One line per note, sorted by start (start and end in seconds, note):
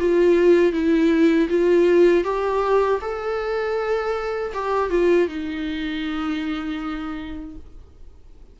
0.00 0.72 F4
0.72 1.48 E4
1.49 2.24 F4
2.24 3.00 G4
3.01 4.53 A4
4.54 4.90 G4
4.90 5.28 F4
5.28 7.56 D#4